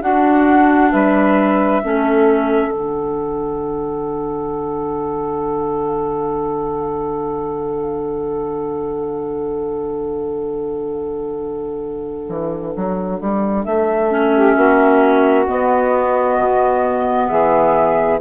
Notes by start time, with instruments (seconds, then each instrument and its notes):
0.00 clarinet D4, bassoon D4, saxophone F#4, flute F#5
0.91 bassoon G3, saxophone B4, flute E5
1.83 bassoon A3, clarinet C#4, saxophone A4
2.70 bassoon D3, clarinet D4, flute F#5
12.29 bassoon E3
12.76 bassoon F#3
13.20 bassoon G3
13.64 bassoon A3, flute E5
14.09 clarinet C#4
14.35 saxophone G4
14.54 bassoon A#3, saxophone F#4
15.46 clarinet B3, bassoon B3, flute D#5
16.38 bassoon B2
17.28 bassoon E3, saxophone G#4, flute E5